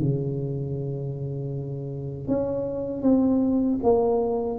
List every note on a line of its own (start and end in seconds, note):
0.00 2.28 C#3
2.28 3.03 C#4
3.03 3.80 C4
3.84 4.59 A#3